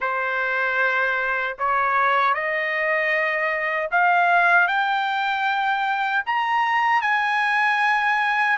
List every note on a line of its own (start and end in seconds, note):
0.00 1.56 C5
1.58 2.33 C#5
2.33 3.89 D#5
3.91 4.68 F5
4.68 6.23 G5
6.26 7.01 A#5
7.01 8.57 G#5